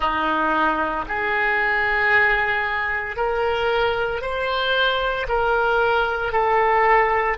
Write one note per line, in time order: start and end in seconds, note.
0.00 1.05 D#4
1.08 3.16 G#4
3.16 4.21 A#4
4.21 5.26 C5
5.28 6.32 A#4
6.32 7.37 A4